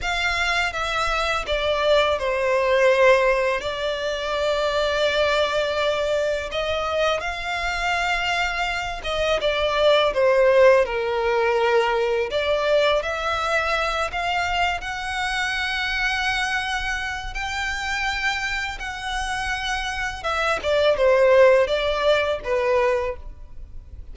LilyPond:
\new Staff \with { instrumentName = "violin" } { \time 4/4 \tempo 4 = 83 f''4 e''4 d''4 c''4~ | c''4 d''2.~ | d''4 dis''4 f''2~ | f''8 dis''8 d''4 c''4 ais'4~ |
ais'4 d''4 e''4. f''8~ | f''8 fis''2.~ fis''8 | g''2 fis''2 | e''8 d''8 c''4 d''4 b'4 | }